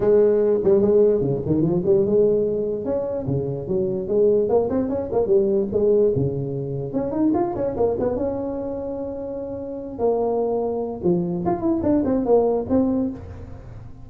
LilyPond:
\new Staff \with { instrumentName = "tuba" } { \time 4/4 \tempo 4 = 147 gis4. g8 gis4 cis8 dis8 | f8 g8 gis2 cis'4 | cis4 fis4 gis4 ais8 c'8 | cis'8 ais8 g4 gis4 cis4~ |
cis4 cis'8 dis'8 f'8 cis'8 ais8 b8 | cis'1~ | cis'8 ais2~ ais8 f4 | f'8 e'8 d'8 c'8 ais4 c'4 | }